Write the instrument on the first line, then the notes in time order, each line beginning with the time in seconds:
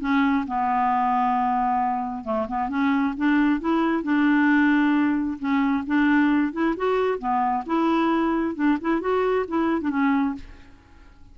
clarinet
0.00 C#4
0.47 B3
2.25 A3
2.48 B3
2.69 C#4
3.17 D4
3.60 E4
4.03 D4
5.39 C#4
5.87 D4
6.53 E4
6.77 F#4
7.19 B3
7.67 E4
8.55 D4
8.81 E4
9.01 F#4
9.48 E4
9.82 D4
9.90 C#4